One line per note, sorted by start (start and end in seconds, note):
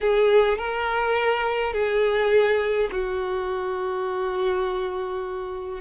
0.00 0.57 G#4
0.57 1.73 A#4
1.73 2.89 G#4
2.91 5.80 F#4